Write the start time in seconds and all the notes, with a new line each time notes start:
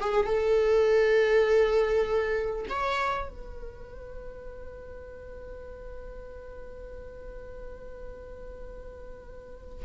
0.00 G#4
0.26 A4
2.69 C#5
3.29 B4